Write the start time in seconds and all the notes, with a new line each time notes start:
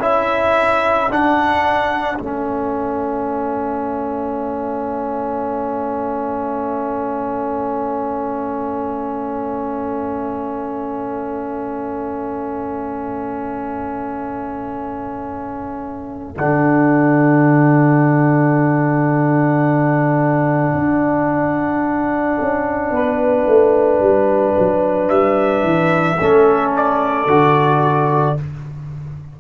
0.00 C#4 E4 A4 E5
1.10 D4 F#5
2.18 A3 C#4 E5
16.36 D3 D4 F#5
20.75 D4
22.41 C#4
22.91 B3 B4
23.48 A3
24.00 G3
24.59 F#3
25.09 G3 E5
25.63 E3
26.20 A3 C#4 A4
26.77 D5
27.27 D3 F#4